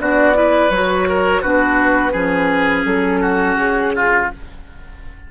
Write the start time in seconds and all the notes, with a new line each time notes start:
0.00 B3 D4 F#4 D5
0.34 E4 B4
0.70 F#3 F#4 C#5
1.09 A#4
1.42 B3 D4 F#4 B4
2.12 F3 C#4 G#4
2.85 F#3 A4
3.22 F#4
3.56 C#3 G#4
3.96 F4